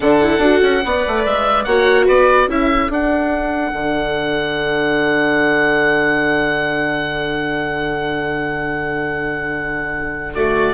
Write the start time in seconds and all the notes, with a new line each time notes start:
0.00 D3 D4 A4 F#5
0.21 E4
0.38 D4 F#4
0.62 C#4
0.85 B3 B4 D5
1.07 A3
1.25 G#3 E5
1.64 A#3 F#4 C#5 F#5
2.05 B3 B4 D5
2.46 C#4 E4 A4 E5
2.88 D4 F#5
3.73 D3
10.35 A3 F#4 D5